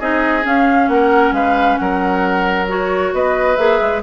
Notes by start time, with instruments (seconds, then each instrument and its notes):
0.00 bassoon C4, clarinet D#4, oboe G#4, flute D#5
0.43 clarinet C#4, bassoon C#4, flute F5
0.88 bassoon A#3, oboe A#4, flute F#5
1.32 bassoon G#3, oboe B4, flute F5
1.78 bassoon F#3, oboe A#4, flute F#5
2.69 clarinet F#4, flute C#5
3.14 bassoon B3, oboe B4, flute D#5
3.57 bassoon A#3, clarinet G#4, flute E5
3.81 bassoon G#3